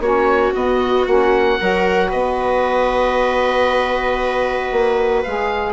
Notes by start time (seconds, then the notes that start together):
0.00 A#3 C#4 F#4 C#5
0.53 B3 D#5
1.07 A#3 C#4 F#5
1.60 F#3 F#4 A#4
2.09 B3 B4 D#5
4.72 A#3
5.23 G#3 G#4 F5